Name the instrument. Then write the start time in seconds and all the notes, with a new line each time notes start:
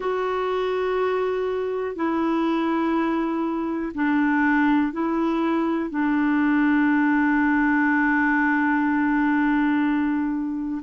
clarinet
0.00 F#4
1.95 E4
3.94 D4
4.92 E4
5.90 D4